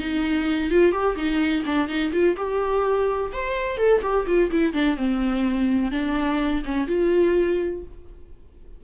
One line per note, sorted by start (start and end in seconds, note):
0.00 0.71 D#4
0.71 0.92 F4
0.92 1.16 G4
1.16 1.64 D#4
1.66 1.89 D4
1.89 2.12 D#4
2.13 2.37 F4
2.37 3.32 G4
3.33 3.78 C5
3.78 4.02 A4
4.03 4.26 G4
4.27 4.51 F4
4.52 4.74 E4
4.74 4.97 D4
4.97 5.92 C4
5.92 6.63 D4
6.65 6.88 C#4
6.88 7.83 F4